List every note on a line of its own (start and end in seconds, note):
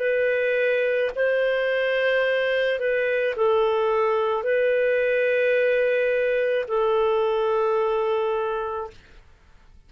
0.00 1.11 B4
1.16 2.80 C5
2.80 3.35 B4
3.36 4.44 A4
4.44 6.66 B4
6.68 8.90 A4